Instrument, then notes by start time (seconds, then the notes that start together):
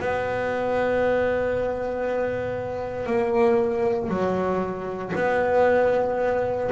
double bass
0.00 B3
3.07 A#3
4.10 F#3
5.16 B3